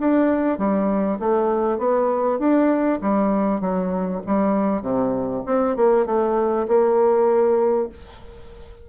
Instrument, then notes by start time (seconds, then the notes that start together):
bassoon
0.00 D4
0.58 G3
1.20 A3
1.79 B3
2.39 D4
3.02 G3
3.61 F#3
4.26 G3
4.82 C3
5.46 C4
5.77 A#3
6.06 A3
6.68 A#3